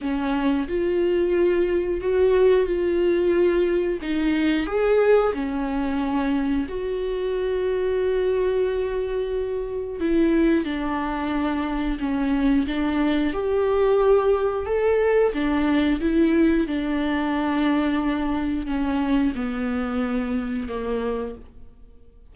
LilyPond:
\new Staff \with { instrumentName = "viola" } { \time 4/4 \tempo 4 = 90 cis'4 f'2 fis'4 | f'2 dis'4 gis'4 | cis'2 fis'2~ | fis'2. e'4 |
d'2 cis'4 d'4 | g'2 a'4 d'4 | e'4 d'2. | cis'4 b2 ais4 | }